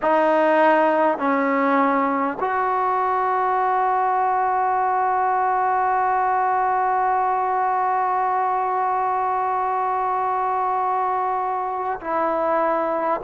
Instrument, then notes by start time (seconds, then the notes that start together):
trombone
0.02 D#4
1.18 C#4
2.39 F#4
12.00 E4